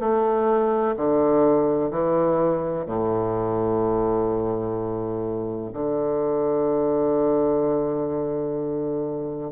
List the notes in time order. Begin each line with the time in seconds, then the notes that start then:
0.00 A3
0.97 D3
1.91 E3
2.86 A2
5.74 D3